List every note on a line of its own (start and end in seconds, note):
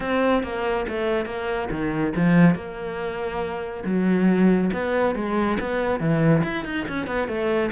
0.00 0.43 C4
0.43 0.86 A#3
0.88 1.25 A3
1.25 1.68 A#3
1.70 2.13 D#3
2.15 2.55 F3
2.55 3.83 A#3
3.85 4.70 F#3
4.73 5.15 B3
5.15 5.58 G#3
5.59 5.99 B3
5.99 6.42 E3
6.43 6.64 E4
6.64 6.86 D#4
6.88 7.06 C#4
7.06 7.28 B3
7.28 7.70 A3